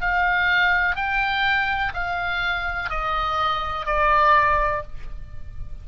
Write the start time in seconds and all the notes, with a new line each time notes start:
0.00 F5
0.95 G5
1.94 F5
2.89 D#5
3.86 D5